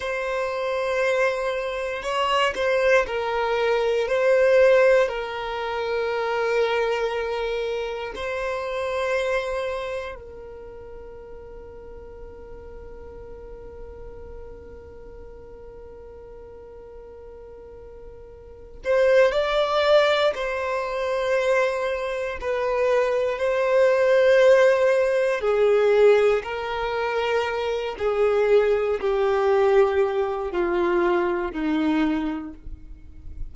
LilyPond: \new Staff \with { instrumentName = "violin" } { \time 4/4 \tempo 4 = 59 c''2 cis''8 c''8 ais'4 | c''4 ais'2. | c''2 ais'2~ | ais'1~ |
ais'2~ ais'8 c''8 d''4 | c''2 b'4 c''4~ | c''4 gis'4 ais'4. gis'8~ | gis'8 g'4. f'4 dis'4 | }